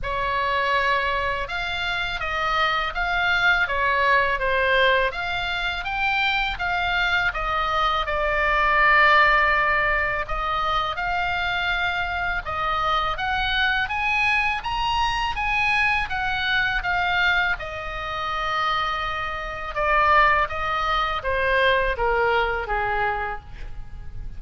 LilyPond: \new Staff \with { instrumentName = "oboe" } { \time 4/4 \tempo 4 = 82 cis''2 f''4 dis''4 | f''4 cis''4 c''4 f''4 | g''4 f''4 dis''4 d''4~ | d''2 dis''4 f''4~ |
f''4 dis''4 fis''4 gis''4 | ais''4 gis''4 fis''4 f''4 | dis''2. d''4 | dis''4 c''4 ais'4 gis'4 | }